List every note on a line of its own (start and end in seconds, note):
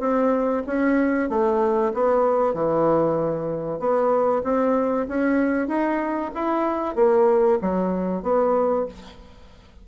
0.00 0.63 C4
0.67 1.29 C#4
1.29 1.93 A3
1.94 2.54 B3
2.54 3.80 E3
3.80 4.43 B3
4.44 5.07 C4
5.08 5.68 C#4
5.68 6.31 D#4
6.35 6.96 E4
6.96 7.59 A#3
7.62 8.23 F#3
8.23 8.86 B3